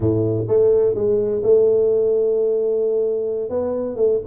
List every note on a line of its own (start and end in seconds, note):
0.00 0.45 A2
0.48 0.94 A3
0.95 1.41 G#3
1.43 3.49 A3
3.49 3.95 B3
3.95 4.19 A3